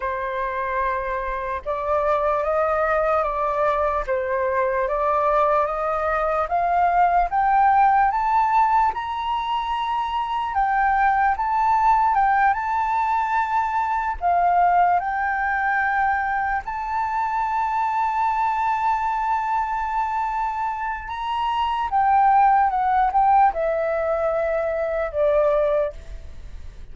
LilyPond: \new Staff \with { instrumentName = "flute" } { \time 4/4 \tempo 4 = 74 c''2 d''4 dis''4 | d''4 c''4 d''4 dis''4 | f''4 g''4 a''4 ais''4~ | ais''4 g''4 a''4 g''8 a''8~ |
a''4. f''4 g''4.~ | g''8 a''2.~ a''8~ | a''2 ais''4 g''4 | fis''8 g''8 e''2 d''4 | }